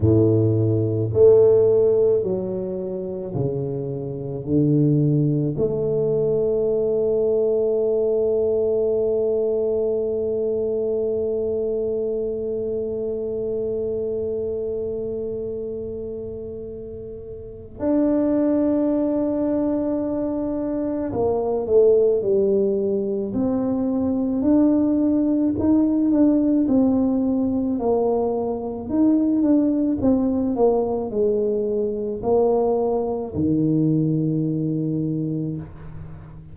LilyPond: \new Staff \with { instrumentName = "tuba" } { \time 4/4 \tempo 4 = 54 a,4 a4 fis4 cis4 | d4 a2.~ | a1~ | a1 |
d'2. ais8 a8 | g4 c'4 d'4 dis'8 d'8 | c'4 ais4 dis'8 d'8 c'8 ais8 | gis4 ais4 dis2 | }